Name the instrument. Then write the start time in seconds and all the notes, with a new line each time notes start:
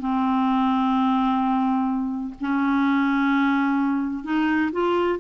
clarinet
0.00 C4
2.41 C#4
4.24 D#4
4.73 F4